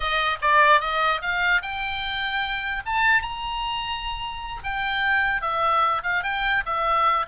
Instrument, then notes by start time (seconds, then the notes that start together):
oboe
0.00 D#5
0.41 D5
0.81 D#5
1.21 F5
1.62 G5
2.85 A5
3.22 A#5
4.63 G5
5.41 E5
6.03 F5
6.23 G5
6.65 E5